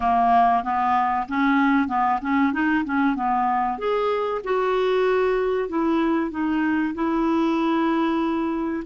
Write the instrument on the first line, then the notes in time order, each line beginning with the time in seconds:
clarinet
0.00 A#3
0.63 B3
1.28 C#4
1.87 B3
2.21 C#4
2.52 D#4
2.84 C#4
3.16 B3
3.78 G#4
4.44 F#4
5.68 E4
6.30 D#4
6.94 E4